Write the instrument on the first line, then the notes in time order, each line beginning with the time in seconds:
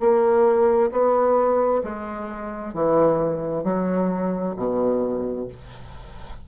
bassoon
0.00 A#3
0.92 B3
1.83 G#3
2.74 E3
3.64 F#3
4.57 B2